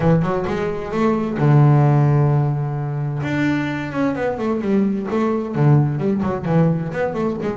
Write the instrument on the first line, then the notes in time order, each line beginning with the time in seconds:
double bass
0.00 E3
0.22 F#3
0.47 G#3
0.91 A3
1.37 D3
3.23 D4
3.92 C#4
4.15 B3
4.38 A3
4.61 G3
5.11 A3
5.55 D3
5.98 G3
6.22 F#3
6.45 E3
6.92 B3
7.13 A3
7.42 G#3